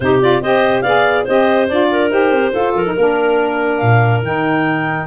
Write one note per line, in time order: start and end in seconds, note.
0.00 0.41 C3
0.00 0.21 D#4
0.00 0.42 G4
0.00 0.19 C5
0.21 0.42 F4
0.21 0.42 D5
0.41 0.83 C4
0.41 0.85 G4
0.41 0.83 C5
0.41 0.81 D#5
0.81 1.25 B3
0.81 1.27 G#4
0.81 1.24 D5
0.81 1.23 F5
1.24 1.69 C4
1.24 1.69 G4
1.24 1.87 C5
1.24 1.68 D#5
1.68 2.10 D4
1.68 2.10 F4
1.68 2.10 D5
1.91 2.52 A#4
2.10 2.31 D#4
2.10 2.52 G4
2.10 2.73 C5
2.31 2.52 C4
2.52 2.85 F4
2.52 2.74 F4
2.52 2.94 A4
2.74 2.95 F3
2.74 3.77 A#4
2.85 2.96 D#4
2.94 3.81 A#3
2.94 4.24 D4
2.94 5.06 A#4
3.77 4.22 A#2
3.77 4.19 F5
4.22 5.06 D#3
4.22 5.06 D#4
4.22 5.06 G5